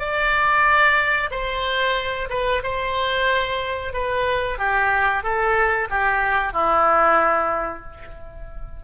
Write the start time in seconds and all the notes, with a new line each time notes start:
0.00 D5
1.31 C5
2.30 B4
2.64 C5
3.94 B4
4.59 G4
5.24 A4
5.91 G4
6.53 E4